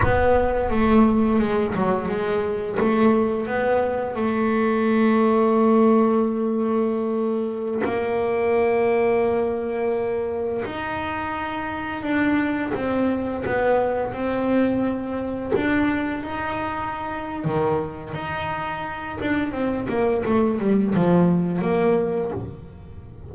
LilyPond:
\new Staff \with { instrumentName = "double bass" } { \time 4/4 \tempo 4 = 86 b4 a4 gis8 fis8 gis4 | a4 b4 a2~ | a2.~ a16 ais8.~ | ais2.~ ais16 dis'8.~ |
dis'4~ dis'16 d'4 c'4 b8.~ | b16 c'2 d'4 dis'8.~ | dis'4 dis4 dis'4. d'8 | c'8 ais8 a8 g8 f4 ais4 | }